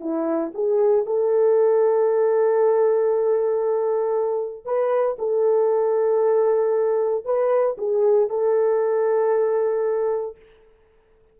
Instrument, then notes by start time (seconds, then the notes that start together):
horn
0.00 E4
0.54 G#4
1.05 A4
4.65 B4
5.19 A4
7.25 B4
7.78 G#4
8.29 A4